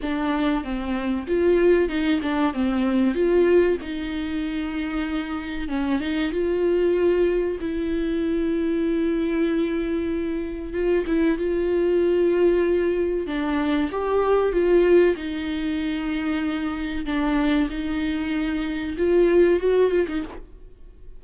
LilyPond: \new Staff \with { instrumentName = "viola" } { \time 4/4 \tempo 4 = 95 d'4 c'4 f'4 dis'8 d'8 | c'4 f'4 dis'2~ | dis'4 cis'8 dis'8 f'2 | e'1~ |
e'4 f'8 e'8 f'2~ | f'4 d'4 g'4 f'4 | dis'2. d'4 | dis'2 f'4 fis'8 f'16 dis'16 | }